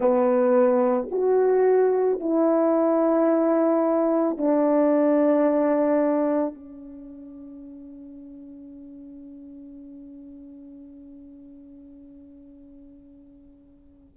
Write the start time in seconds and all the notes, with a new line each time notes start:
0.00 B3
1.11 F#4
2.20 E4
4.37 D4
6.54 C#4